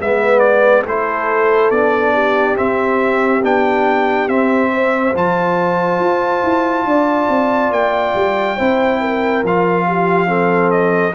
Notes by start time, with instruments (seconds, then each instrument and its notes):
0.00 tuba G#3, trombone B3, horn B4, trumpet E5
0.40 trumpet D5
0.87 tuba A3, trombone E4, horn A4, trumpet C5
1.71 tuba B3, trombone D4, trumpet D5
2.14 horn G4
2.56 trombone C4, tuba C4, trumpet E5
3.43 tuba B3, trombone D4, trumpet G5
4.29 tuba C4, trombone C4, trumpet E5
4.74 horn C5
5.15 tuba F3, trombone F4, trumpet A5
6.00 tuba F4
6.44 tuba E4
6.86 tuba D4, horn D5
7.29 tuba C4
7.72 tuba A#3, trumpet G5
8.16 tuba G3
8.57 tuba C4, trombone E4, horn C5
9.01 horn A#4
9.44 tuba F3, trombone F4, trumpet F5
9.87 horn G4
10.27 trombone C4, horn A4
10.71 trumpet D#5